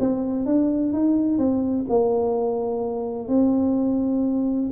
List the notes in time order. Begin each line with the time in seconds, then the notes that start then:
0.00 C4
0.46 D4
0.93 D#4
1.39 C4
1.89 A#3
3.29 C4